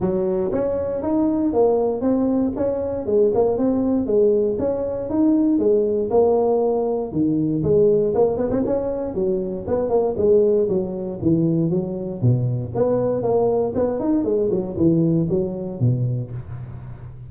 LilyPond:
\new Staff \with { instrumentName = "tuba" } { \time 4/4 \tempo 4 = 118 fis4 cis'4 dis'4 ais4 | c'4 cis'4 gis8 ais8 c'4 | gis4 cis'4 dis'4 gis4 | ais2 dis4 gis4 |
ais8 b16 c'16 cis'4 fis4 b8 ais8 | gis4 fis4 e4 fis4 | b,4 b4 ais4 b8 dis'8 | gis8 fis8 e4 fis4 b,4 | }